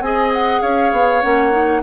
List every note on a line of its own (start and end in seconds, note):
0.00 0.60 C4
0.00 1.22 G#4
0.00 0.61 D#5
0.00 0.31 G#5
0.33 0.61 F#5
0.61 0.92 C#4
0.61 1.81 C#5
0.61 1.21 F5
0.92 1.22 B3
1.21 1.82 A#3
1.21 1.51 C#4
1.21 1.81 F#5
1.51 1.81 D#4